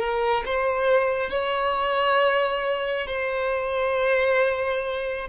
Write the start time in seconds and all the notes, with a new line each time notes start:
0.00 A#4
0.46 C5
1.30 C#5
3.07 C5